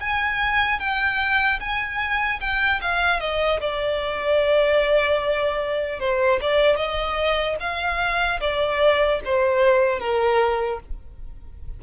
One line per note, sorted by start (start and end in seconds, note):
0.00 0.79 G#5
0.79 1.59 G5
1.60 2.40 G#5
2.40 2.80 G5
2.81 3.20 F5
3.20 3.60 D#5
3.60 5.99 D5
5.99 6.39 C5
6.41 6.76 D5
6.76 7.56 D#5
7.60 8.40 F5
8.40 9.20 D5
9.24 9.99 C5
9.99 10.79 A#4